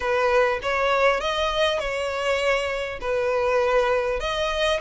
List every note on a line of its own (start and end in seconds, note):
0.00 0.59 B4
0.62 1.20 C#5
1.20 1.79 D#5
1.79 2.99 C#5
3.00 4.20 B4
4.20 4.80 D#5